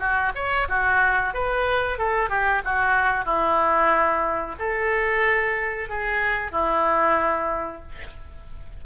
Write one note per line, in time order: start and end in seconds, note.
0.00 0.33 F#4
0.36 0.68 C#5
0.69 1.34 F#4
1.34 1.98 B4
1.98 2.30 A4
2.30 2.62 G4
2.65 3.25 F#4
3.25 4.56 E4
4.59 5.89 A4
5.89 6.52 G#4
6.52 7.82 E4